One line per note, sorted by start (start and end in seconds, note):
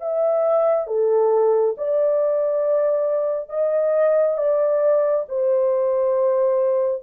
0.00 0.87 E5
0.87 1.75 A4
1.78 3.49 D5
3.49 4.37 D#5
4.37 5.25 D5
5.29 7.03 C5